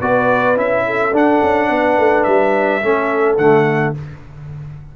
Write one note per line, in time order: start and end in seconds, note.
0.00 0.57 B3
0.00 0.56 F#4
0.00 0.84 B4
0.00 0.57 D5
0.56 1.12 C#4
0.56 1.12 E4
0.56 1.15 E5
0.87 1.71 A4
1.12 1.41 D4
1.12 2.82 D4
1.12 2.24 F#5
1.43 1.70 C#4
1.70 1.98 B3
1.70 2.85 B4
1.98 2.26 A3
2.24 2.83 G3
2.24 3.36 E5
2.83 3.38 A3
2.83 3.39 C#4
2.83 3.97 A4
3.38 3.94 D3
3.38 3.96 A3
3.38 3.94 F#5